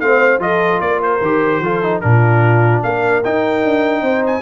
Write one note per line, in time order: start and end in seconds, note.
0.00 0.39 A3
0.00 0.39 C4
0.00 0.43 C5
0.00 0.40 F5
0.39 0.79 F3
0.39 1.20 F4
0.39 0.83 A4
0.39 0.80 D#5
0.80 1.21 A#3
0.80 1.63 A#4
0.80 1.01 D5
1.03 2.01 C5
1.22 1.60 D#3
1.22 1.64 G4
1.60 2.00 F3
1.60 1.83 F4
1.60 2.03 A4
1.83 2.02 D#4
2.01 2.83 A#2
2.01 3.23 D4
2.01 2.84 F4
2.01 2.81 A#4
2.83 3.24 A#3
2.83 4.02 A#4
2.83 3.23 F5
3.24 3.64 D#4
3.24 4.42 D#4
3.24 4.25 G5
3.64 4.02 D4
4.02 4.42 C4
4.02 4.42 C5
4.26 4.42 G#5